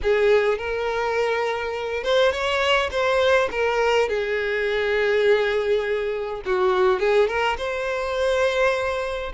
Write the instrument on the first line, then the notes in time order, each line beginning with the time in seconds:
violin
0.02 G#4
0.58 A#4
2.03 C5
2.31 C#5
2.91 C5
3.51 A#4
4.08 G#4
6.45 F#4
6.99 G#4
7.27 A#4
7.57 C5